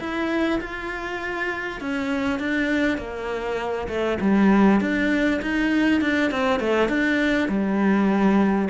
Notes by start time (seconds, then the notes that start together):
0.00 E4
0.61 F4
1.81 C#4
2.39 D4
2.98 A#3
3.88 A3
4.21 G3
4.81 D4
5.42 D#4
6.01 D4
6.31 C4
6.60 A3
6.89 D4
7.49 G3